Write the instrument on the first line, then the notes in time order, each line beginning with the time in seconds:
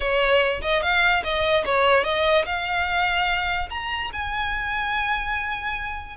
violin
0.00 C#5
0.61 D#5
0.82 F5
1.23 D#5
1.65 C#5
2.03 D#5
2.45 F5
3.69 A#5
4.12 G#5